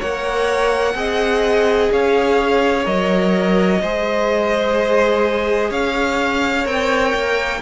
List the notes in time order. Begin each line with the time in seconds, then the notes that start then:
0.00 A#3 A#4 C#5 F#5
0.95 C4 G#4 D#5
1.92 C#4 C#5 F5
2.85 F#3 A#4 D#5
3.82 G#3 G#4 C5
5.70 C#4 C#5 F5
6.65 C4 A#4 G5
7.15 A#3